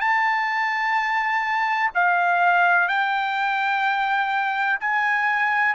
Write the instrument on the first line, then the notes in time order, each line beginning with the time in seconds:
trumpet
0.00 A5
1.94 F5
2.88 G5
4.80 G#5